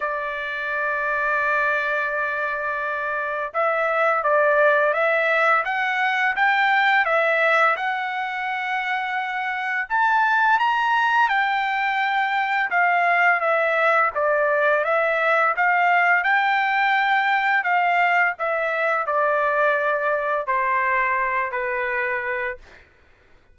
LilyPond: \new Staff \with { instrumentName = "trumpet" } { \time 4/4 \tempo 4 = 85 d''1~ | d''4 e''4 d''4 e''4 | fis''4 g''4 e''4 fis''4~ | fis''2 a''4 ais''4 |
g''2 f''4 e''4 | d''4 e''4 f''4 g''4~ | g''4 f''4 e''4 d''4~ | d''4 c''4. b'4. | }